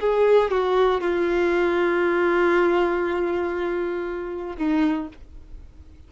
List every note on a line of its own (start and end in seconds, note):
0.00 0.51 G#4
0.51 1.00 F#4
1.00 4.56 F4
4.57 5.08 D#4